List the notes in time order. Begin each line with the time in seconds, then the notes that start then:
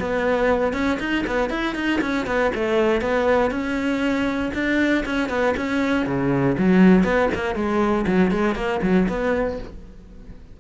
0.00 B3
0.73 C#4
1.00 D#4
1.27 B3
1.50 E4
1.75 D#4
2.01 C#4
2.26 B3
2.55 A3
3.01 B3
3.51 C#4
4.54 D4
5.06 C#4
5.29 B3
5.57 C#4
6.06 C#3
6.58 F#3
7.04 B3
7.35 A#3
7.55 G#3
8.07 F#3
8.31 G#3
8.55 A#3
8.82 F#3
9.08 B3